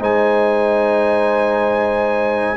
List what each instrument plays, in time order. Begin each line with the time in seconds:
0.00 tuba G#3, trombone D#4, horn C5, trumpet G#5